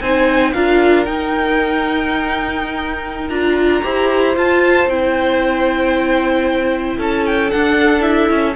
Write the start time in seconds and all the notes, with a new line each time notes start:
0.00 C4 D#4 C5 G#5
0.53 D4 F4 A#4 F5
1.05 D#4 G5
3.28 D4 F4 A#5
3.82 E4 G4 C5
4.36 F4 A5
4.87 C4 E4 G5
6.97 C#4 A4 A5
7.26 G5
7.50 D4 F#5
8.00 E4 E5
8.29 C#4